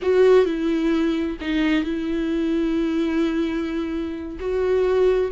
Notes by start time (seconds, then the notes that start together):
0.01 F#4
0.45 E4
1.40 D#4
1.84 E4
4.39 F#4